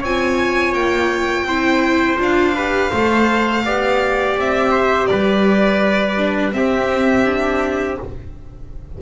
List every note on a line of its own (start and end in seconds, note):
0.00 0.74 C4
0.00 1.49 F4
0.00 1.45 C#5
0.00 0.74 G#5
0.74 1.45 A#3
0.74 2.19 G5
1.45 2.17 C4
1.45 2.17 E4
1.45 2.56 C5
2.17 2.91 D4
2.17 2.54 F4
2.17 4.40 F5
2.56 2.94 G4
2.56 2.90 B4
2.90 3.65 A3
2.90 3.66 A4
2.90 3.62 C5
3.65 4.37 B3
3.65 6.18 G4
3.65 4.72 D5
4.37 5.10 C4
4.37 5.07 E5
4.72 5.08 C5
5.07 6.53 G3
5.07 6.56 B4
5.07 6.51 D5
6.18 6.52 D4
6.52 7.24 C4
6.52 7.98 C4
6.52 8.02 G4
6.52 7.98 E5
7.26 7.98 D4